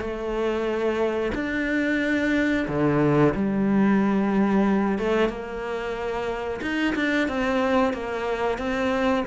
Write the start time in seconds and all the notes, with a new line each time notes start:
0.00 A3
1.35 D4
2.68 D3
3.35 G3
4.98 A3
5.29 A#3
6.62 D#4
6.96 D4
7.28 C4
7.93 A#3
8.58 C4